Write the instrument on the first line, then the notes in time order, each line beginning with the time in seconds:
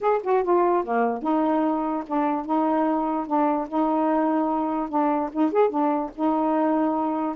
saxophone
0.00 G#4
0.23 F#4
0.43 F4
0.83 A#3
1.22 D#4
2.06 D4
2.45 D#4
3.27 D4
3.68 D#4
4.89 D4
5.32 D#4
5.52 G#4
5.69 D4
6.15 D#4